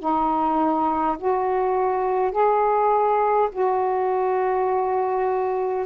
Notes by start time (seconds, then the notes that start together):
0.00 D#4
1.19 F#4
2.32 G#4
3.52 F#4